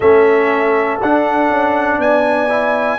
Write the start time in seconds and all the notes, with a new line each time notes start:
0.00 A3 C#4 A4 E5
1.01 D4 F#5
1.49 C#4
1.98 B3 D5 G#5
2.49 E4